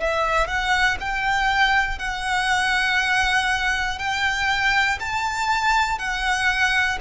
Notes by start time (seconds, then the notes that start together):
0.00 E5
0.47 F#5
1.00 G5
1.99 F#5
3.99 G5
5.00 A5
5.99 F#5